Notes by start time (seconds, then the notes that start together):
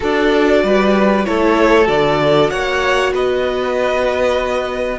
0.00 D4 F#4 A4 D5
0.63 G3 B4
1.25 A3 E4 A4 C#5
1.83 D3 F#4 D5
2.50 A#3 C#5 F#5
3.13 B3 B4 D#5